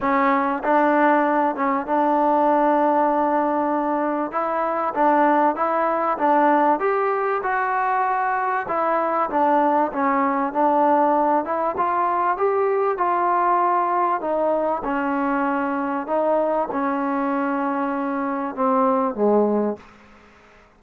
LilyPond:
\new Staff \with { instrumentName = "trombone" } { \time 4/4 \tempo 4 = 97 cis'4 d'4. cis'8 d'4~ | d'2. e'4 | d'4 e'4 d'4 g'4 | fis'2 e'4 d'4 |
cis'4 d'4. e'8 f'4 | g'4 f'2 dis'4 | cis'2 dis'4 cis'4~ | cis'2 c'4 gis4 | }